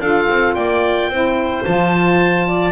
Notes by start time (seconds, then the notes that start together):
0.00 D4 F4 A4 F5
0.29 C4
0.54 A#3 D5 G5
1.09 C4 E4 C5
1.65 F3 F4 A5
2.47 D5